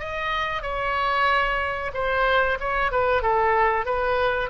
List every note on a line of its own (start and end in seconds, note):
0.00 0.63 D#5
0.63 1.92 C#5
1.94 2.59 C5
2.60 2.92 C#5
2.92 3.23 B4
3.23 3.86 A4
3.86 4.50 B4